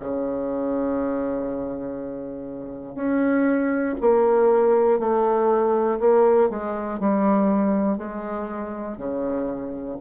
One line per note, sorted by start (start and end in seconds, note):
0.00 2.95 C#3
2.95 3.95 C#4
4.01 4.99 A#3
4.99 5.99 A3
6.00 6.49 A#3
6.49 6.99 G#3
7.00 7.97 G3
7.97 8.97 G#3
8.97 9.97 C#3